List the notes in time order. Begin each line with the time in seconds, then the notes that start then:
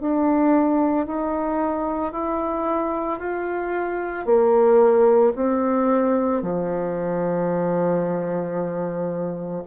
0.00 D4
1.06 D#4
2.12 E4
3.19 F4
4.26 A#3
5.36 C4
6.42 F3